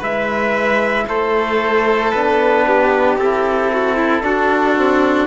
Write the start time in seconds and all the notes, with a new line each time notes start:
0.00 G#3 E4 B4 E5
1.08 A3 A4 C5
2.12 B3 D4 B4
2.67 G4
3.18 C4 E4 A4
3.73 F#4
3.97 E4
4.23 D4 F#4
4.75 C4